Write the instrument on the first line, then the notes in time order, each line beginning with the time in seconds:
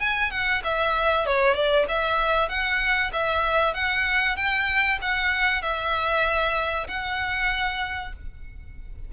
violin
0.00 G#5
0.31 F#5
0.64 E5
1.26 C#5
1.55 D5
1.89 E5
2.49 F#5
3.13 E5
3.74 F#5
4.36 G5
5.02 F#5
5.62 E5
6.88 F#5